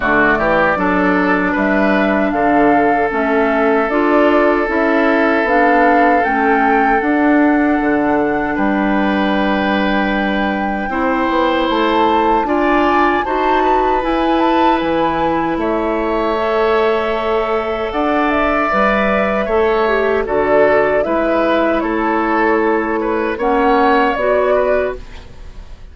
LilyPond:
<<
  \new Staff \with { instrumentName = "flute" } { \time 4/4 \tempo 4 = 77 d''2 e''4 f''4 | e''4 d''4 e''4 f''4 | g''4 fis''2 g''4~ | g''2. a''4 |
gis''4 a''4 gis''8 a''8 gis''4 | e''2. fis''8 e''8~ | e''2 d''4 e''4 | cis''2 fis''4 d''4 | }
  \new Staff \with { instrumentName = "oboe" } { \time 4/4 fis'8 g'8 a'4 b'4 a'4~ | a'1~ | a'2. b'4~ | b'2 c''2 |
d''4 c''8 b'2~ b'8 | cis''2. d''4~ | d''4 cis''4 a'4 b'4 | a'4. b'8 cis''4. b'8 | }
  \new Staff \with { instrumentName = "clarinet" } { \time 4/4 a4 d'2. | cis'4 f'4 e'4 d'4 | cis'4 d'2.~ | d'2 e'2 |
f'4 fis'4 e'2~ | e'4 a'2. | b'4 a'8 g'8 fis'4 e'4~ | e'2 cis'4 fis'4 | }
  \new Staff \with { instrumentName = "bassoon" } { \time 4/4 d8 e8 fis4 g4 d4 | a4 d'4 cis'4 b4 | a4 d'4 d4 g4~ | g2 c'8 b8 a4 |
d'4 dis'4 e'4 e4 | a2. d'4 | g4 a4 d4 gis4 | a2 ais4 b4 | }
>>